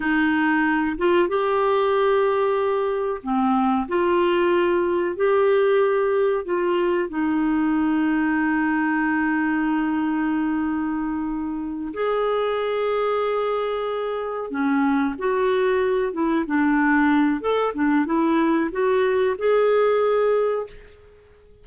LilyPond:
\new Staff \with { instrumentName = "clarinet" } { \time 4/4 \tempo 4 = 93 dis'4. f'8 g'2~ | g'4 c'4 f'2 | g'2 f'4 dis'4~ | dis'1~ |
dis'2~ dis'8 gis'4.~ | gis'2~ gis'8 cis'4 fis'8~ | fis'4 e'8 d'4. a'8 d'8 | e'4 fis'4 gis'2 | }